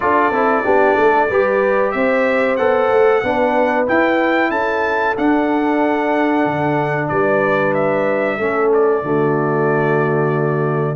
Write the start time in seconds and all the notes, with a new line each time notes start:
0.00 D4 F4 A4 D5
0.31 C4 E4
0.63 B3 D4 G4
0.94 A3 A4
1.29 G3 G4 B4
1.91 C4 C5 E5
2.56 B3 A4 F#5
2.90 A3
3.23 B3 D4 B4
3.87 E4 G5
4.50 C#4 A4 A5
5.17 D4 F#5
6.45 D3
7.08 G3 B4 D5
7.74 E5
8.37 A3 C#4 A4
8.73 D5
9.02 D3 A3 F#4